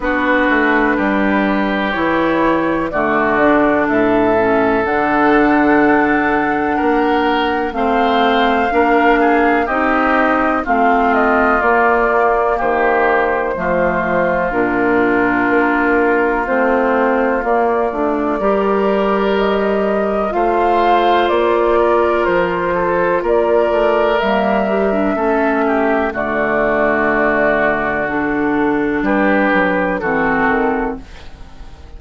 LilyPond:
<<
  \new Staff \with { instrumentName = "flute" } { \time 4/4 \tempo 4 = 62 b'2 cis''4 d''4 | e''4 fis''2. | f''2 dis''4 f''8 dis''8 | d''4 c''2 ais'4~ |
ais'4 c''4 d''2 | dis''4 f''4 d''4 c''4 | d''4 e''2 d''4~ | d''4 a'4 b'4 a'4 | }
  \new Staff \with { instrumentName = "oboe" } { \time 4/4 fis'4 g'2 fis'4 | a'2. ais'4 | c''4 ais'8 gis'8 g'4 f'4~ | f'4 g'4 f'2~ |
f'2. ais'4~ | ais'4 c''4. ais'4 a'8 | ais'2 a'8 g'8 fis'4~ | fis'2 g'4 fis'4 | }
  \new Staff \with { instrumentName = "clarinet" } { \time 4/4 d'2 e'4 a8 d'8~ | d'8 cis'8 d'2. | c'4 d'4 dis'4 c'4 | ais2 a4 d'4~ |
d'4 c'4 ais8 d'8 g'4~ | g'4 f'2.~ | f'4 ais8 g'16 d'16 cis'4 a4~ | a4 d'2 c'4 | }
  \new Staff \with { instrumentName = "bassoon" } { \time 4/4 b8 a8 g4 e4 d4 | a,4 d2 ais4 | a4 ais4 c'4 a4 | ais4 dis4 f4 ais,4 |
ais4 a4 ais8 a8 g4~ | g4 a4 ais4 f4 | ais8 a8 g4 a4 d4~ | d2 g8 fis8 e8 dis8 | }
>>